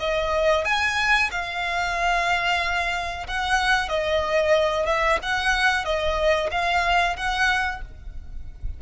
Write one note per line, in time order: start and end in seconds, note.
0.00 0.65 D#5
0.65 1.30 G#5
1.31 3.27 F5
3.27 3.89 F#5
3.89 4.86 D#5
4.86 5.19 E5
5.23 5.85 F#5
5.85 6.50 D#5
6.51 7.17 F5
7.17 7.82 F#5